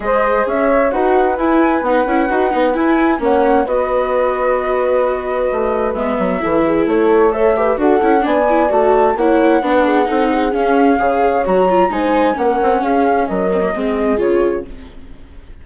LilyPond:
<<
  \new Staff \with { instrumentName = "flute" } { \time 4/4 \tempo 4 = 131 dis''4 e''4 fis''4 gis''4 | fis''2 gis''4 fis''4 | dis''1~ | dis''4 e''2 cis''4 |
e''4 fis''4 gis''4 a''4 | fis''2. f''4~ | f''4 ais''4 gis''4 fis''4 | f''4 dis''2 cis''4 | }
  \new Staff \with { instrumentName = "horn" } { \time 4/4 c''4 cis''4 b'2~ | b'2. cis''4 | b'1~ | b'2 a'8 gis'8 a'4 |
cis''8 b'8 a'4 d''2 | cis''4 b'8 gis'8 a'8 gis'4. | cis''2 c''4 ais'4 | gis'4 ais'4 gis'2 | }
  \new Staff \with { instrumentName = "viola" } { \time 4/4 gis'2 fis'4 e'4 | dis'8 e'8 fis'8 dis'8 e'4 cis'4 | fis'1~ | fis'4 b4 e'2 |
a'8 g'8 fis'8 e'8 d'8 e'8 fis'4 | e'4 d'4 dis'4 cis'4 | gis'4 fis'8 f'8 dis'4 cis'4~ | cis'4. c'16 ais16 c'4 f'4 | }
  \new Staff \with { instrumentName = "bassoon" } { \time 4/4 gis4 cis'4 dis'4 e'4 | b8 cis'8 dis'8 b8 e'4 ais4 | b1 | a4 gis8 fis8 e4 a4~ |
a4 d'8 cis'8 b4 a4 | ais4 b4 c'4 cis'4 | cis4 fis4 gis4 ais8 c'8 | cis'4 fis4 gis4 cis4 | }
>>